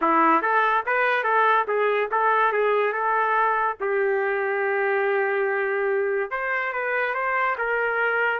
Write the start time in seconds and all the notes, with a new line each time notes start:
0.01 E4
0.42 A4
0.86 B4
1.23 A4
1.67 G#4
2.11 A4
2.52 G#4
2.92 A4
3.80 G4
6.31 C5
6.72 B4
7.14 C5
7.58 A#4